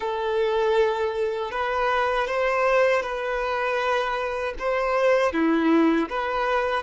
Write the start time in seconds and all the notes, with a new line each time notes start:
0.00 A4
1.51 B4
2.27 C5
3.02 B4
4.58 C5
5.32 E4
6.09 B4